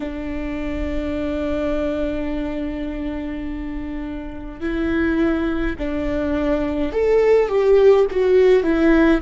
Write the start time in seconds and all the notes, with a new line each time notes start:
0.00 D4
4.60 E4
5.78 D4
6.92 A4
7.48 G4
8.11 F#4
8.63 E4